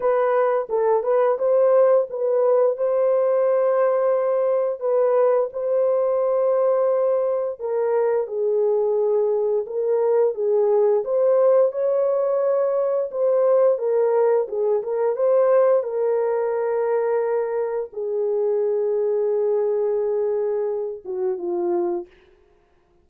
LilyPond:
\new Staff \with { instrumentName = "horn" } { \time 4/4 \tempo 4 = 87 b'4 a'8 b'8 c''4 b'4 | c''2. b'4 | c''2. ais'4 | gis'2 ais'4 gis'4 |
c''4 cis''2 c''4 | ais'4 gis'8 ais'8 c''4 ais'4~ | ais'2 gis'2~ | gis'2~ gis'8 fis'8 f'4 | }